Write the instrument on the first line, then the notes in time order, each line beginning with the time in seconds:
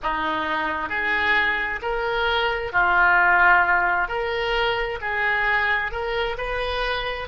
oboe
0.02 D#4
0.88 G#4
1.82 A#4
2.72 F4
4.07 A#4
5.01 G#4
5.91 A#4
6.37 B4